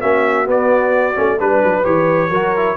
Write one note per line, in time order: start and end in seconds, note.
0.00 0.48 A#3
0.00 0.46 C#4
0.00 1.38 F#4
0.00 0.47 E5
0.46 1.15 B3
0.46 1.17 B3
0.46 1.40 D5
1.15 1.40 A3
1.15 1.38 C#4
1.40 1.63 G3
1.40 1.84 D4
1.40 1.85 B4
1.40 2.30 B4
1.64 1.86 F#3
1.84 2.30 E3
1.84 2.30 G4
1.84 2.77 C#5
2.30 2.76 F#3
2.30 2.56 F#4
2.30 2.76 A#4
2.56 2.77 E4